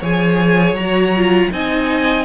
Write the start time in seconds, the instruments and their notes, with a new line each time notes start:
0.00 cello F3, viola G#4, violin C#5 G#5
0.73 cello F#3, violin A#5
0.80 viola F#4
1.16 viola F4
1.52 cello C4, viola D#4, violin D#5 G#5